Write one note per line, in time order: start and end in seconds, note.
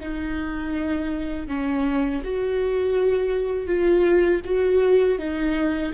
0.00 1.48 D#4
1.48 2.22 C#4
2.24 3.67 F#4
3.67 4.41 F4
4.45 5.19 F#4
5.19 5.93 D#4